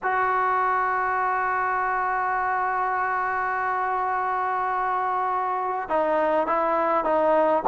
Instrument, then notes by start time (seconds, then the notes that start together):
trombone
0.02 F#4
5.88 D#4
6.47 E4
7.04 D#4